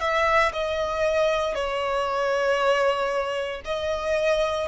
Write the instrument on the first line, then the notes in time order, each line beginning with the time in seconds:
violin
0.00 E5
0.53 D#5
1.55 C#5
3.65 D#5